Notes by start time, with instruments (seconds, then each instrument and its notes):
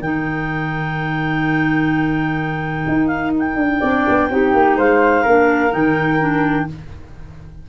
0.00 tuba D#3, clarinet D#4 G5, flute A#4
2.88 tuba D#4
3.07 clarinet F5
3.39 clarinet G5
3.56 tuba D4
3.80 tuba C4, clarinet D4, flute D5
4.09 tuba B3
4.30 tuba C4, clarinet D#4, flute G4
4.54 tuba A#3
4.76 tuba G#3, flute C5, clarinet F5
5.23 tuba A#3, clarinet D4, flute A#4
5.70 tuba D#3, clarinet D#4 G5
6.20 clarinet D4